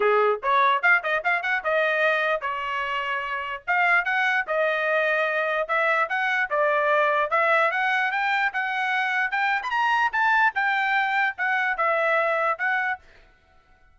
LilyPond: \new Staff \with { instrumentName = "trumpet" } { \time 4/4 \tempo 4 = 148 gis'4 cis''4 f''8 dis''8 f''8 fis''8 | dis''2 cis''2~ | cis''4 f''4 fis''4 dis''4~ | dis''2 e''4 fis''4 |
d''2 e''4 fis''4 | g''4 fis''2 g''8. b''16 | ais''4 a''4 g''2 | fis''4 e''2 fis''4 | }